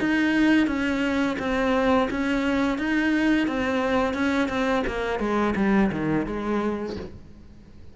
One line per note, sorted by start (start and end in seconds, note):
0.00 0.67 D#4
0.67 1.37 C#4
1.39 2.09 C4
2.11 2.78 C#4
2.78 3.47 D#4
3.47 4.14 C4
4.14 4.48 C#4
4.48 4.83 C4
4.87 5.19 A#3
5.19 5.54 G#3
5.56 5.91 G3
5.92 6.26 D#3
6.26 6.96 G#3